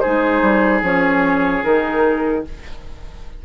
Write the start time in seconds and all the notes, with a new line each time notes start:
0.00 D#4 G#4 C5
0.07 G#3
0.42 G3
0.82 F3 C#4 C#5
1.63 D#3 D#4 A#4